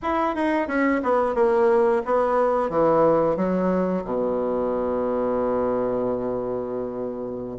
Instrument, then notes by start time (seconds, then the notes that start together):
bassoon
0.02 E4
0.35 D#4
0.67 C#4
1.03 B3
1.35 A#3
2.05 B3
2.69 E3
3.36 F#3
4.04 B2